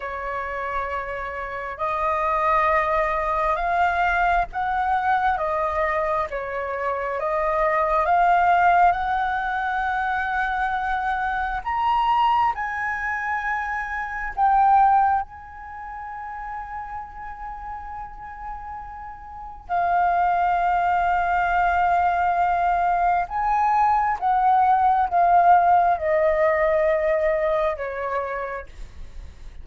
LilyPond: \new Staff \with { instrumentName = "flute" } { \time 4/4 \tempo 4 = 67 cis''2 dis''2 | f''4 fis''4 dis''4 cis''4 | dis''4 f''4 fis''2~ | fis''4 ais''4 gis''2 |
g''4 gis''2.~ | gis''2 f''2~ | f''2 gis''4 fis''4 | f''4 dis''2 cis''4 | }